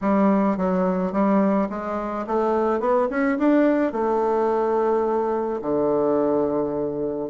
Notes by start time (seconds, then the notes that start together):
0.01 G3
0.57 F#3
1.12 G3
1.69 G#3
2.26 A3
2.80 B3
3.10 C#4
3.38 D4
3.92 A3
5.61 D3